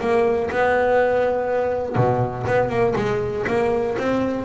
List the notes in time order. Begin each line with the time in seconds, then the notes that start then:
0.00 A#3
0.50 B3
1.96 B2
2.47 B3
2.69 A#3
2.95 G#3
3.47 A#3
3.98 C4